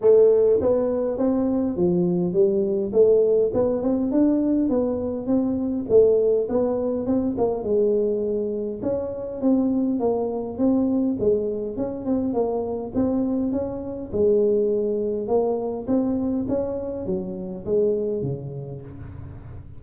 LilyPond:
\new Staff \with { instrumentName = "tuba" } { \time 4/4 \tempo 4 = 102 a4 b4 c'4 f4 | g4 a4 b8 c'8 d'4 | b4 c'4 a4 b4 | c'8 ais8 gis2 cis'4 |
c'4 ais4 c'4 gis4 | cis'8 c'8 ais4 c'4 cis'4 | gis2 ais4 c'4 | cis'4 fis4 gis4 cis4 | }